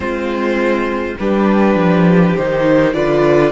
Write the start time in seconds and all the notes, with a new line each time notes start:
0.00 G#3 C4 F4 C5
1.18 G3 D4 G4 B4
1.75 F3
2.36 D#3 D#4 C5
2.93 D3 F4 B4 D5